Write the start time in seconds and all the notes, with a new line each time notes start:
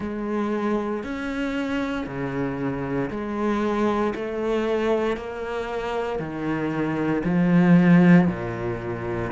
0.00 G#3
1.03 C#4
2.06 C#3
3.10 G#3
4.15 A3
5.16 A#3
6.19 D#3
7.24 F3
8.27 A#2